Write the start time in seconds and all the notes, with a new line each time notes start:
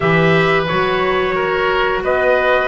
0.00 E3 G4 B4 E5
0.67 F#3 F#4 C#5
1.35 A#4
2.01 B3 B4 D#5